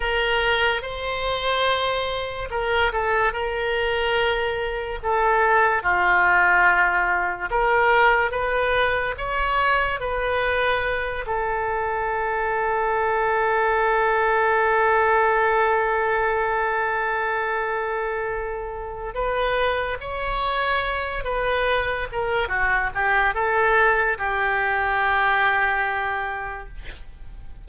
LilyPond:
\new Staff \with { instrumentName = "oboe" } { \time 4/4 \tempo 4 = 72 ais'4 c''2 ais'8 a'8 | ais'2 a'4 f'4~ | f'4 ais'4 b'4 cis''4 | b'4. a'2~ a'8~ |
a'1~ | a'2. b'4 | cis''4. b'4 ais'8 fis'8 g'8 | a'4 g'2. | }